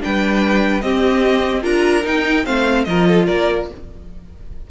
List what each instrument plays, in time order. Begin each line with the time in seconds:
0.00 cello G3, viola D4, violin B4 G5
0.81 cello C4, viola C4, violin G4 D#5
1.62 cello D4, viola F4, violin A#4 A#5
2.04 viola D#4, cello D#4, violin G5
2.44 cello A3, viola C4, violin C5 F5
2.84 cello F3, viola F4, violin A#4 D#5
3.08 violin A4
3.26 cello A#3, violin A#4 D5